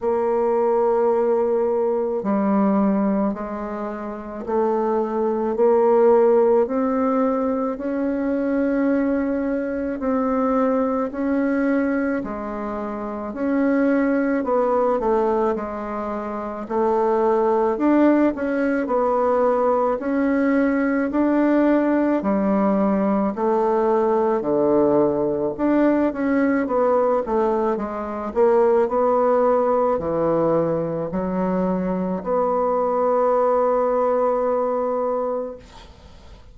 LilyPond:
\new Staff \with { instrumentName = "bassoon" } { \time 4/4 \tempo 4 = 54 ais2 g4 gis4 | a4 ais4 c'4 cis'4~ | cis'4 c'4 cis'4 gis4 | cis'4 b8 a8 gis4 a4 |
d'8 cis'8 b4 cis'4 d'4 | g4 a4 d4 d'8 cis'8 | b8 a8 gis8 ais8 b4 e4 | fis4 b2. | }